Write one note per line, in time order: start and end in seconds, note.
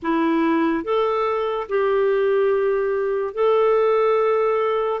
0.02 0.83 E4
0.83 1.67 A4
1.69 3.34 G4
3.34 5.00 A4